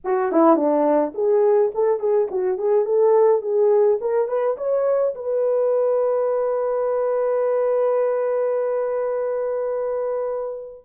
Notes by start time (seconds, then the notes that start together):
0.04 F#4
0.31 E4
0.56 D4
1.14 G#4
1.74 A4
1.99 G#4
2.30 F#4
2.58 G#4
2.85 A4
3.41 G#4
4.01 A#4
4.28 B4
4.57 C#5
5.14 B4